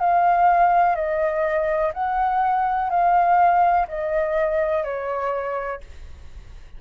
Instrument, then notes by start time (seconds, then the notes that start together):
flute
0.00 F5
0.96 D#5
1.94 F#5
2.90 F5
3.88 D#5
4.84 C#5